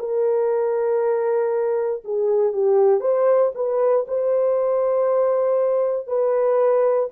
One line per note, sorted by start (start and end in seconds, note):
0.00 2.03 A#4
2.05 2.53 G#4
2.53 3.01 G4
3.01 3.52 C5
3.55 4.06 B4
4.08 6.08 C5
6.08 7.10 B4